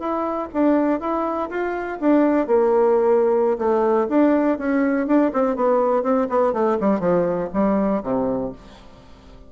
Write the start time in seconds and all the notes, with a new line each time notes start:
0.00 E4
0.54 D4
1.01 E4
1.50 F4
2.01 D4
2.48 A#3
3.59 A3
4.10 D4
4.59 C#4
5.07 D4
5.34 C4
5.56 B3
6.03 C4
6.30 B3
6.54 A3
6.81 G3
7.00 F3
7.54 G3
8.04 C3